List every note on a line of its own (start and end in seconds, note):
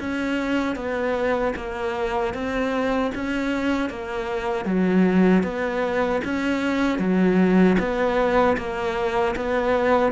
0.00 0.76 C#4
0.76 1.54 B3
1.56 2.34 A#3
2.34 3.12 C4
3.15 3.90 C#4
3.90 4.66 A#3
4.66 5.44 F#3
5.44 6.22 B3
6.25 6.99 C#4
6.99 7.77 F#3
7.79 8.57 B3
8.57 9.35 A#3
9.36 10.13 B3